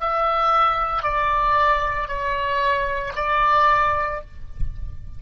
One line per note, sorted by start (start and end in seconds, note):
0.00 1.02 E5
1.02 2.08 D5
2.08 3.13 C#5
3.15 4.21 D5